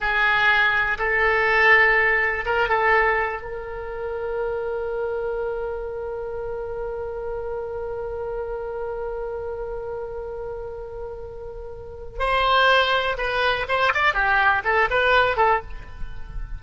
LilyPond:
\new Staff \with { instrumentName = "oboe" } { \time 4/4 \tempo 4 = 123 gis'2 a'2~ | a'4 ais'8 a'4. ais'4~ | ais'1~ | ais'1~ |
ais'1~ | ais'1~ | ais'4 c''2 b'4 | c''8 d''8 g'4 a'8 b'4 a'8 | }